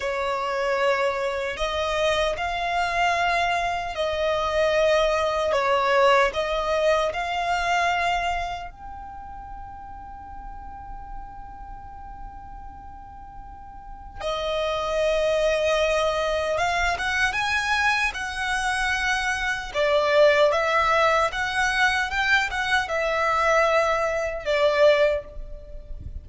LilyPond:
\new Staff \with { instrumentName = "violin" } { \time 4/4 \tempo 4 = 76 cis''2 dis''4 f''4~ | f''4 dis''2 cis''4 | dis''4 f''2 g''4~ | g''1~ |
g''2 dis''2~ | dis''4 f''8 fis''8 gis''4 fis''4~ | fis''4 d''4 e''4 fis''4 | g''8 fis''8 e''2 d''4 | }